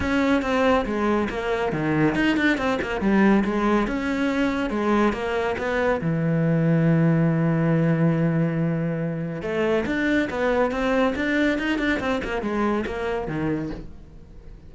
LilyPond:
\new Staff \with { instrumentName = "cello" } { \time 4/4 \tempo 4 = 140 cis'4 c'4 gis4 ais4 | dis4 dis'8 d'8 c'8 ais8 g4 | gis4 cis'2 gis4 | ais4 b4 e2~ |
e1~ | e2 a4 d'4 | b4 c'4 d'4 dis'8 d'8 | c'8 ais8 gis4 ais4 dis4 | }